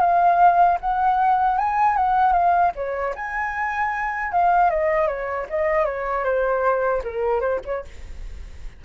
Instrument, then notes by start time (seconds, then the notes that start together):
flute
0.00 F5
0.80 F#5
1.58 G#5
1.96 F#5
2.32 F5
2.75 C#5
3.15 G#5
4.32 F5
4.70 D#5
5.07 C#5
5.49 D#5
5.85 C#5
6.24 C5
7.03 A#4
7.40 C5
7.65 C#5